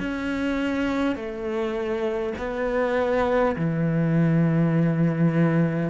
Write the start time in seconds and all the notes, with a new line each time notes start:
0.00 C#4
1.16 A3
2.39 B3
3.57 E3